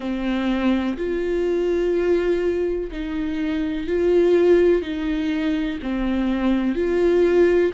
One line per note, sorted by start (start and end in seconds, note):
0.00 0.96 C4
0.97 2.90 F4
2.91 3.87 D#4
3.87 4.82 F4
4.82 5.78 D#4
5.82 6.75 C4
6.75 7.72 F4